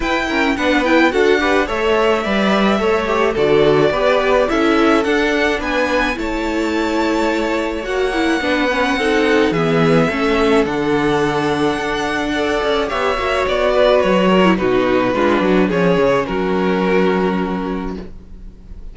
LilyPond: <<
  \new Staff \with { instrumentName = "violin" } { \time 4/4 \tempo 4 = 107 g''4 fis''8 g''8 fis''4 e''4~ | e''2 d''2 | e''4 fis''4 gis''4 a''4~ | a''2 fis''2~ |
fis''4 e''2 fis''4~ | fis''2. e''4 | d''4 cis''4 b'2 | cis''4 ais'2. | }
  \new Staff \with { instrumentName = "violin" } { \time 4/4 b'8 ais'8 b'4 a'8 b'8 cis''4 | d''4 cis''4 a'4 b'4 | a'2 b'4 cis''4~ | cis''2. b'4 |
a'4 gis'4 a'2~ | a'2 d''4 cis''4~ | cis''8 b'4 ais'8 fis'4 f'8 fis'8 | gis'4 fis'2. | }
  \new Staff \with { instrumentName = "viola" } { \time 4/4 e'8 cis'8 d'8 e'8 fis'8 g'8 a'4 | b'4 a'8 g'8 fis'4 g'4 | e'4 d'2 e'4~ | e'2 fis'8 e'8 d'8 cis'8 |
dis'4 b4 cis'4 d'4~ | d'2 a'4 g'8 fis'8~ | fis'4.~ fis'16 e'16 dis'4 d'4 | cis'1 | }
  \new Staff \with { instrumentName = "cello" } { \time 4/4 e'4 b4 d'4 a4 | g4 a4 d4 b4 | cis'4 d'4 b4 a4~ | a2 ais4 b4 |
c'4 e4 a4 d4~ | d4 d'4. cis'8 b8 ais8 | b4 fis4 b,4 gis8 fis8 | f8 cis8 fis2. | }
>>